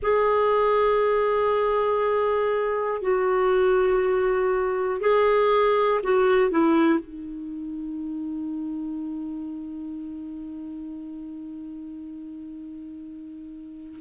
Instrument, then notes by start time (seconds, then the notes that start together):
clarinet
0.02 G#4
3.01 F#4
5.00 G#4
6.03 F#4
6.50 E4
6.99 D#4